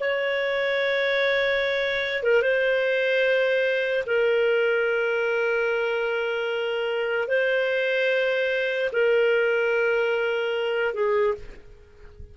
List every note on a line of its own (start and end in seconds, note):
0.00 2.23 C#5
2.23 2.42 A#4
2.42 4.04 C5
4.06 7.28 A#4
7.28 8.90 C5
8.92 10.94 A#4
10.94 11.34 G#4